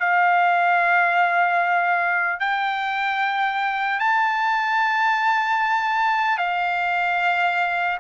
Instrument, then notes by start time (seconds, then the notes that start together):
trumpet
0.00 F5
2.40 G5
4.00 A5
6.38 F5